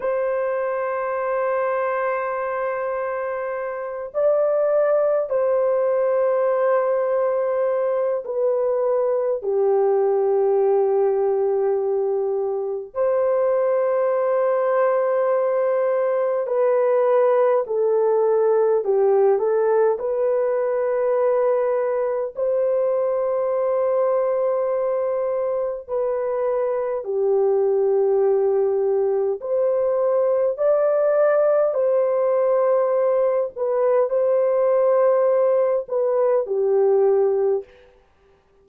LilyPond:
\new Staff \with { instrumentName = "horn" } { \time 4/4 \tempo 4 = 51 c''2.~ c''8 d''8~ | d''8 c''2~ c''8 b'4 | g'2. c''4~ | c''2 b'4 a'4 |
g'8 a'8 b'2 c''4~ | c''2 b'4 g'4~ | g'4 c''4 d''4 c''4~ | c''8 b'8 c''4. b'8 g'4 | }